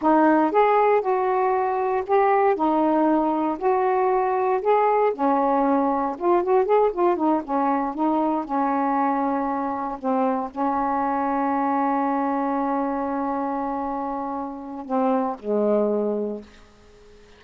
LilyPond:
\new Staff \with { instrumentName = "saxophone" } { \time 4/4 \tempo 4 = 117 dis'4 gis'4 fis'2 | g'4 dis'2 fis'4~ | fis'4 gis'4 cis'2 | f'8 fis'8 gis'8 f'8 dis'8 cis'4 dis'8~ |
dis'8 cis'2. c'8~ | c'8 cis'2.~ cis'8~ | cis'1~ | cis'4 c'4 gis2 | }